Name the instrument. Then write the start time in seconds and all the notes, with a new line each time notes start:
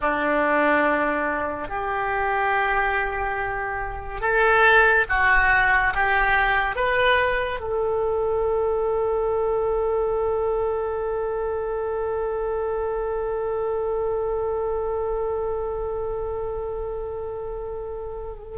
oboe
0.01 D4
1.68 G4
4.20 A4
5.09 F#4
5.94 G4
6.75 B4
7.60 A4